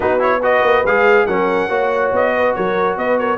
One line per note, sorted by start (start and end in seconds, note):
0.00 0.63 B3
0.00 0.19 D#4
0.00 0.40 F#4
0.00 0.21 B4
0.19 0.40 E4
0.19 0.43 C#5
0.42 0.85 F#4
0.42 1.27 B4
0.42 0.85 D#5
0.63 0.84 A#3
0.85 1.27 G#3
0.85 1.28 G#4
0.85 1.26 F5
1.26 1.69 F#3
1.26 1.69 C#4
1.26 1.68 A#4
1.26 2.11 F#5
1.68 2.11 A#3
1.68 3.37 F#4
1.68 2.32 C#5
2.12 2.55 B3
2.12 2.54 D#5
2.36 2.56 B4
2.54 2.97 F#3
2.54 2.98 A#4
2.54 2.97 C#5
2.97 3.37 B3
2.97 3.19 B4
2.97 3.18 D#5
3.18 3.37 A#4
3.18 3.37 C#5